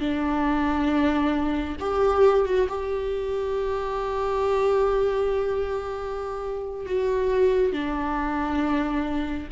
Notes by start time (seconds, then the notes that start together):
0.00 D4
1.80 G4
2.46 F#4
2.69 G4
6.86 F#4
7.72 D4